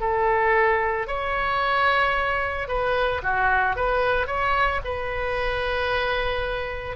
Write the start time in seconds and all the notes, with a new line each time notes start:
0.00 A4
1.07 C#5
2.68 B4
3.23 F#4
3.76 B4
4.27 C#5
4.84 B4